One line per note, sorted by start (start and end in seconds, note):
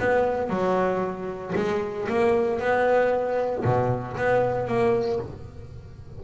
0.00 0.50 B3
0.50 1.54 F#3
1.56 2.08 G#3
2.09 2.60 A#3
2.60 3.64 B3
3.65 4.17 B2
4.17 4.67 B3
4.67 5.20 A#3